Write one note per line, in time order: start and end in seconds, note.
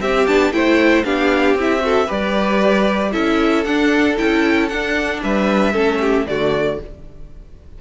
0.00 0.26 C4
0.00 0.27 C4
0.00 0.53 G4
0.00 0.27 E5
0.27 0.52 B3
0.27 0.53 D4
0.27 0.52 A5
0.52 1.04 A3
0.52 1.04 E4
0.52 1.05 C5
0.52 1.04 G5
1.04 1.54 B3
1.04 1.56 D4
1.04 1.83 G4
1.04 1.57 F5
1.54 2.07 C4
1.54 1.79 E4
1.54 2.11 E5
1.79 2.05 F#4
1.79 2.06 A4
2.06 3.13 G3
2.06 3.12 G4
2.06 3.10 B4
2.06 3.12 D5
3.12 3.65 C#4
3.12 3.64 E4
3.12 5.21 A4
3.12 3.64 E5
3.64 4.17 D4
3.64 4.16 F#5
4.17 4.71 C#4
4.17 4.69 E4
4.17 4.68 G5
4.68 5.23 D4
4.68 5.73 D4
4.68 5.20 F#5
5.23 5.74 G3
5.23 5.72 B4
5.23 6.27 E5
5.72 6.26 A3
5.72 6.25 C#4
5.72 5.98 A4
6.00 6.26 G4
6.26 6.78 D3
6.26 6.80 A3
6.26 6.81 F#4
6.26 6.79 D5